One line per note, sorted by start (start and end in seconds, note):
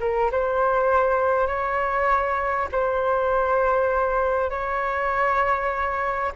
0.00 0.30 A#4
0.31 1.47 C5
1.47 2.68 C#5
2.72 4.50 C5
4.50 6.32 C#5